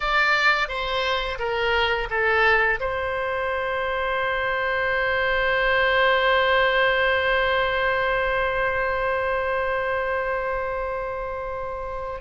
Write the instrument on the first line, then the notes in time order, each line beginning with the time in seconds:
oboe
0.00 D5
0.68 C5
1.38 A#4
2.10 A4
2.80 C5